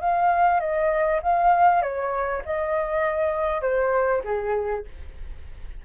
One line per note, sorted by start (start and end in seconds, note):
0.00 0.60 F5
0.60 1.20 D#5
1.22 1.82 F5
1.82 2.42 C#5
2.45 3.61 D#5
3.61 4.22 C5
4.24 4.84 G#4